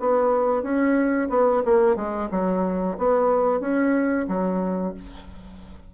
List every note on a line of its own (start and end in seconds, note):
0.00 0.63 B3
0.63 1.29 C#4
1.29 1.62 B3
1.65 1.96 A#3
1.96 2.29 G#3
2.31 2.97 F#3
2.98 3.60 B3
3.60 4.26 C#4
4.28 4.94 F#3